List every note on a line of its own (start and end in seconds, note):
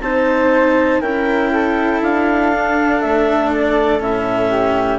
0.00 1.00 C4
0.00 1.02 D#4
0.00 1.00 C5
0.00 1.01 A5
1.00 2.01 C#4
1.00 2.52 E4
1.00 1.50 A#4
1.00 2.01 G5
1.52 4.49 A4
2.01 3.01 D4
2.01 3.01 F5
2.52 3.99 D4
3.01 4.00 A3
3.01 3.51 E5
3.51 4.01 D5
3.99 4.99 A2
3.99 4.99 C#4
3.99 4.99 E5
4.49 4.99 G4